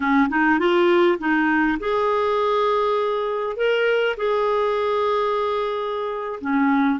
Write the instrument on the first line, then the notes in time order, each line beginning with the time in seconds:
clarinet
0.00 C#4
0.29 D#4
0.59 F4
1.19 D#4
1.79 G#4
3.56 A#4
4.16 G#4
6.41 C#4